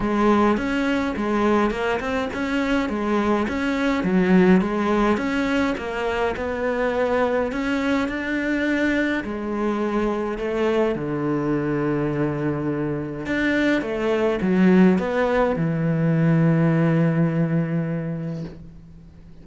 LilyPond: \new Staff \with { instrumentName = "cello" } { \time 4/4 \tempo 4 = 104 gis4 cis'4 gis4 ais8 c'8 | cis'4 gis4 cis'4 fis4 | gis4 cis'4 ais4 b4~ | b4 cis'4 d'2 |
gis2 a4 d4~ | d2. d'4 | a4 fis4 b4 e4~ | e1 | }